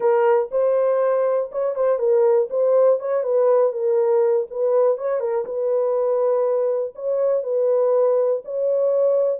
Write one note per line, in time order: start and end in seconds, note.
0.00 0.49 A#4
0.51 1.50 C5
1.51 1.75 C#5
1.75 1.99 C5
1.99 2.48 A#4
2.50 2.99 C5
2.99 3.23 C#5
3.23 3.72 B4
3.72 4.46 A#4
4.50 4.97 B4
4.97 5.20 C#5
5.20 5.45 A#4
5.45 6.94 B4
6.95 7.43 C#5
7.43 8.42 B4
8.44 9.39 C#5